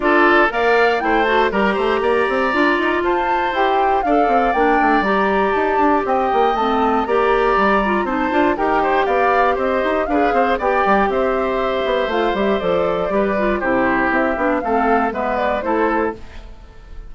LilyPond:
<<
  \new Staff \with { instrumentName = "flute" } { \time 4/4 \tempo 4 = 119 d''4 f''4 g''8 a''8 ais''4~ | ais''2 a''4 g''4 | f''4 g''4 ais''4 a''4 | g''4 a''4 ais''2 |
a''4 g''4 f''4 dis''4 | f''4 g''4 e''2 | f''8 e''8 d''2 c''4 | e''4 f''4 e''8 d''8 c''4 | }
  \new Staff \with { instrumentName = "oboe" } { \time 4/4 a'4 d''4 c''4 ais'8 c''8 | d''2 c''2 | d''1 | dis''2 d''2 |
c''4 ais'8 c''8 d''4 c''4 | b'8 c''8 d''4 c''2~ | c''2 b'4 g'4~ | g'4 a'4 b'4 a'4 | }
  \new Staff \with { instrumentName = "clarinet" } { \time 4/4 f'4 ais'4 e'8 fis'8 g'4~ | g'4 f'2 g'4 | a'4 d'4 g'2~ | g'4 c'4 g'4. f'8 |
dis'8 f'8 g'2. | gis'4 g'2. | f'8 g'8 a'4 g'8 f'8 e'4~ | e'8 d'8 c'4 b4 e'4 | }
  \new Staff \with { instrumentName = "bassoon" } { \time 4/4 d'4 ais4 a4 g8 a8 | ais8 c'8 d'8 dis'8 f'4 e'4 | d'8 c'8 ais8 a8 g4 dis'8 d'8 | c'8 ais8 a4 ais4 g4 |
c'8 d'8 dis'4 b4 c'8 dis'8 | d'8 c'8 b8 g8 c'4. b8 | a8 g8 f4 g4 c4 | c'8 b8 a4 gis4 a4 | }
>>